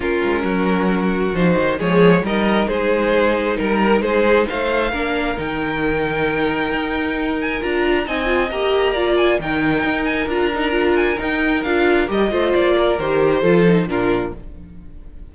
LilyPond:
<<
  \new Staff \with { instrumentName = "violin" } { \time 4/4 \tempo 4 = 134 ais'2. c''4 | cis''4 dis''4 c''2 | ais'4 c''4 f''2 | g''1~ |
g''8 gis''8 ais''4 gis''4 ais''4~ | ais''8 gis''8 g''4. gis''8 ais''4~ | ais''8 gis''8 g''4 f''4 dis''4 | d''4 c''2 ais'4 | }
  \new Staff \with { instrumentName = "violin" } { \time 4/4 f'4 fis'2. | gis'4 ais'4 gis'2 | ais'4 gis'4 c''4 ais'4~ | ais'1~ |
ais'2 dis''2 | d''4 ais'2.~ | ais'2.~ ais'8 c''8~ | c''8 ais'4. a'4 f'4 | }
  \new Staff \with { instrumentName = "viola" } { \time 4/4 cis'2. dis'4 | gis4 dis'2.~ | dis'2. d'4 | dis'1~ |
dis'4 f'4 dis'8 f'8 g'4 | f'4 dis'2 f'8 dis'8 | f'4 dis'4 f'4 g'8 f'8~ | f'4 g'4 f'8 dis'8 d'4 | }
  \new Staff \with { instrumentName = "cello" } { \time 4/4 ais8 gis8 fis2 f8 dis8 | f4 g4 gis2 | g4 gis4 a4 ais4 | dis2. dis'4~ |
dis'4 d'4 c'4 ais4~ | ais4 dis4 dis'4 d'4~ | d'4 dis'4 d'4 g8 a8 | ais4 dis4 f4 ais,4 | }
>>